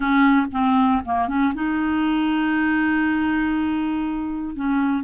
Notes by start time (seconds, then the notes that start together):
0.00 C#4
0.52 C4
1.05 A#3
1.28 C#4
1.54 D#4
4.55 C#4